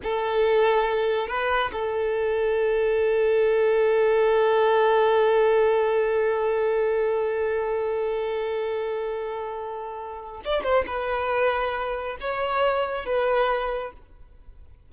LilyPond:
\new Staff \with { instrumentName = "violin" } { \time 4/4 \tempo 4 = 138 a'2. b'4 | a'1~ | a'1~ | a'1~ |
a'1~ | a'1 | d''8 c''8 b'2. | cis''2 b'2 | }